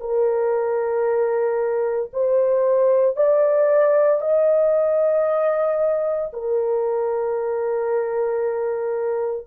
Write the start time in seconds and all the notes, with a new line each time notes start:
0.00 A#4
2.12 C5
3.16 D5
4.21 D#5
6.33 A#4